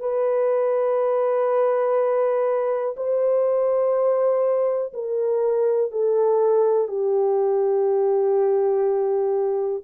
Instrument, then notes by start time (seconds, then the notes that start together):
horn
0.00 B4
2.97 C5
4.94 A#4
5.92 A4
6.88 G4